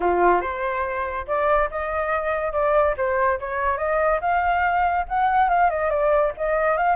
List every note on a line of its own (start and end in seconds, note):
0.00 0.41 F4
0.41 1.25 C5
1.27 1.69 D5
1.70 2.52 D#5
2.52 2.94 D5
2.97 3.39 C5
3.39 3.77 C#5
3.77 4.19 D#5
4.20 5.05 F5
5.08 5.49 F#5
5.49 5.70 F5
5.70 5.90 D#5
5.90 6.32 D5
6.37 6.77 D#5
6.77 6.95 F5